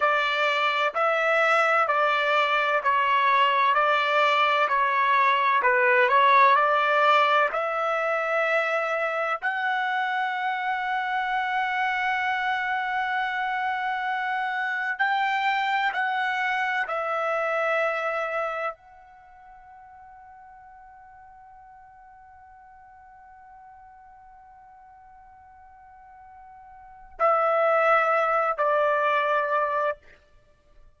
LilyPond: \new Staff \with { instrumentName = "trumpet" } { \time 4/4 \tempo 4 = 64 d''4 e''4 d''4 cis''4 | d''4 cis''4 b'8 cis''8 d''4 | e''2 fis''2~ | fis''1 |
g''4 fis''4 e''2 | fis''1~ | fis''1~ | fis''4 e''4. d''4. | }